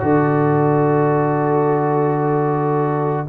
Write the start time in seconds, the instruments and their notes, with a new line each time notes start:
0.00 tuba D3, trombone F#4, horn A4, trumpet D5